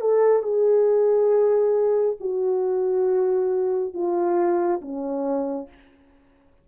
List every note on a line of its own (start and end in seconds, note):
0.00 0.42 A4
0.42 2.16 G#4
2.20 3.94 F#4
3.94 4.81 F4
4.81 5.68 C#4